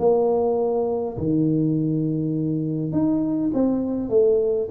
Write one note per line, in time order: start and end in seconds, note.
0.00 1.18 A#3
1.18 2.93 D#3
2.93 3.52 D#4
3.55 4.10 C4
4.10 4.68 A3